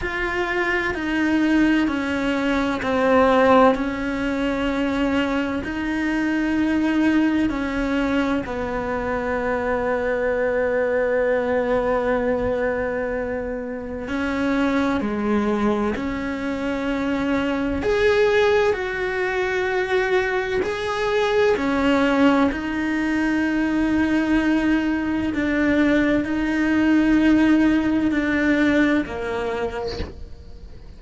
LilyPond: \new Staff \with { instrumentName = "cello" } { \time 4/4 \tempo 4 = 64 f'4 dis'4 cis'4 c'4 | cis'2 dis'2 | cis'4 b2.~ | b2. cis'4 |
gis4 cis'2 gis'4 | fis'2 gis'4 cis'4 | dis'2. d'4 | dis'2 d'4 ais4 | }